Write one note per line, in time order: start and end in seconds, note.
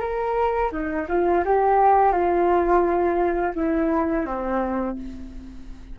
0.00 0.71 A#4
0.72 1.07 D#4
1.08 1.43 F4
1.45 2.12 G4
2.12 3.53 F4
3.55 4.25 E4
4.25 4.96 C4